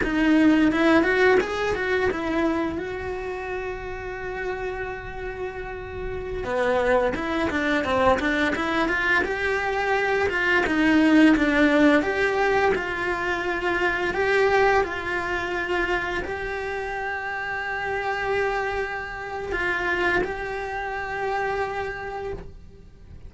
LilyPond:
\new Staff \with { instrumentName = "cello" } { \time 4/4 \tempo 4 = 86 dis'4 e'8 fis'8 gis'8 fis'8 e'4 | fis'1~ | fis'4~ fis'16 b4 e'8 d'8 c'8 d'16~ | d'16 e'8 f'8 g'4. f'8 dis'8.~ |
dis'16 d'4 g'4 f'4.~ f'16~ | f'16 g'4 f'2 g'8.~ | g'1 | f'4 g'2. | }